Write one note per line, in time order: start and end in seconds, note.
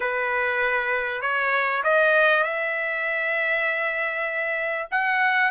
0.00 1.21 B4
1.21 1.83 C#5
1.83 2.43 D#5
2.43 4.88 E5
4.91 5.51 F#5